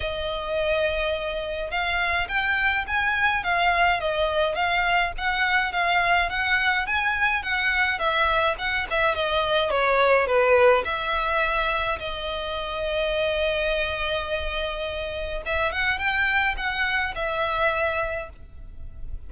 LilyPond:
\new Staff \with { instrumentName = "violin" } { \time 4/4 \tempo 4 = 105 dis''2. f''4 | g''4 gis''4 f''4 dis''4 | f''4 fis''4 f''4 fis''4 | gis''4 fis''4 e''4 fis''8 e''8 |
dis''4 cis''4 b'4 e''4~ | e''4 dis''2.~ | dis''2. e''8 fis''8 | g''4 fis''4 e''2 | }